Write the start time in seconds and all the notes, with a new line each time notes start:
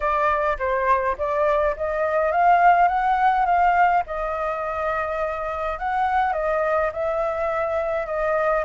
0.00 D5
0.58 C5
1.18 D5
1.76 D#5
2.31 F5
2.87 F#5
3.45 F5
4.06 D#5
5.78 F#5
6.33 D#5
6.92 E5
8.06 D#5